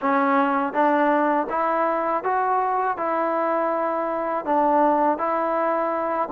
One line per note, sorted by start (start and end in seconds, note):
0.01 0.73 C#4
0.73 1.47 D4
1.49 2.23 E4
2.23 2.97 F#4
2.97 4.45 E4
4.45 5.18 D4
5.18 6.29 E4